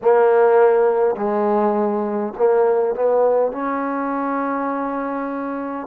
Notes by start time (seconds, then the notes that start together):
0.02 A#3
1.15 G#3
2.37 A#3
2.95 B3
3.51 C#4